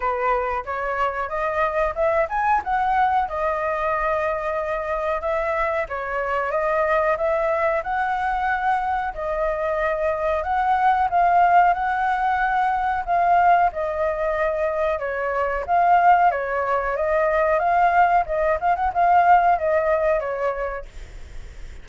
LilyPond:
\new Staff \with { instrumentName = "flute" } { \time 4/4 \tempo 4 = 92 b'4 cis''4 dis''4 e''8 gis''8 | fis''4 dis''2. | e''4 cis''4 dis''4 e''4 | fis''2 dis''2 |
fis''4 f''4 fis''2 | f''4 dis''2 cis''4 | f''4 cis''4 dis''4 f''4 | dis''8 f''16 fis''16 f''4 dis''4 cis''4 | }